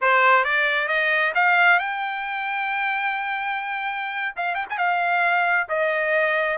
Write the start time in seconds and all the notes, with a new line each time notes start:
0.01 C5
0.44 D5
0.88 D#5
1.34 F5
1.79 G5
4.36 F5
4.55 G5
4.69 G#5
4.78 F5
5.68 D#5